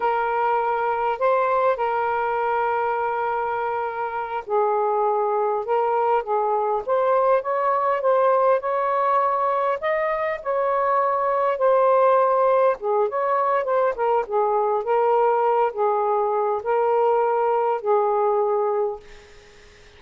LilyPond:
\new Staff \with { instrumentName = "saxophone" } { \time 4/4 \tempo 4 = 101 ais'2 c''4 ais'4~ | ais'2.~ ais'8 gis'8~ | gis'4. ais'4 gis'4 c''8~ | c''8 cis''4 c''4 cis''4.~ |
cis''8 dis''4 cis''2 c''8~ | c''4. gis'8 cis''4 c''8 ais'8 | gis'4 ais'4. gis'4. | ais'2 gis'2 | }